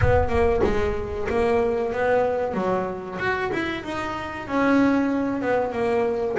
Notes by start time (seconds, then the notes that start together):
0.01 B3
0.29 A#3
0.64 G#3
1.29 A#3
1.93 B3
2.54 F#3
3.19 F#4
3.52 E4
3.83 D#4
4.47 C#4
5.41 B3
5.72 A#3